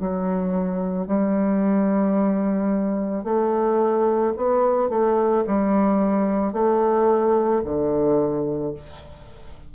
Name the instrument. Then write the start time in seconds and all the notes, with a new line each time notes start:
bassoon
0.00 F#3
1.07 G3
3.24 A3
4.36 B3
4.89 A3
5.46 G3
6.53 A3
7.65 D3